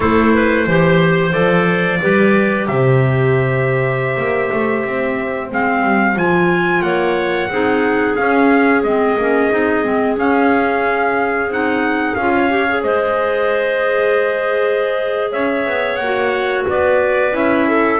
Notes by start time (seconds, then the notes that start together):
0.00 A3 E4 A4 C5
0.33 B4
0.66 E3 G4 C5
1.31 F3 A4 D5
2.01 G3 G4 B4
2.67 C3 C5 E5
4.17 A#3
4.52 A3
4.84 C4
5.50 G#3 C4 F5
5.82 G3
6.15 F3 F4 G#5
6.81 A#3 C#5 F#5
7.48 C4 D#4 G#4
8.15 C#4 F5
8.83 G#3 C4 D#5
9.17 A#3 C#4
9.51 C4 D#4
9.83 G#3 C4
10.16 C#4 F5
11.47 C4 D#4 F#5
12.15 C#4 F4 F5
12.34 C#5
12.49 G4
12.68 G#4
12.83 G#3 C5 D#5
15.31 C#4 C#5 E5
15.65 B3
15.95 A#3 F#5
16.03 F#4
16.67 B3 B4 D5
17.32 C#4 E4 E5
17.67 A4